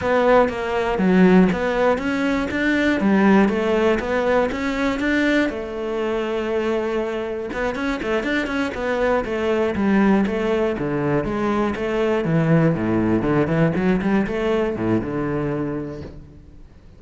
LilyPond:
\new Staff \with { instrumentName = "cello" } { \time 4/4 \tempo 4 = 120 b4 ais4 fis4 b4 | cis'4 d'4 g4 a4 | b4 cis'4 d'4 a4~ | a2. b8 cis'8 |
a8 d'8 cis'8 b4 a4 g8~ | g8 a4 d4 gis4 a8~ | a8 e4 a,4 d8 e8 fis8 | g8 a4 a,8 d2 | }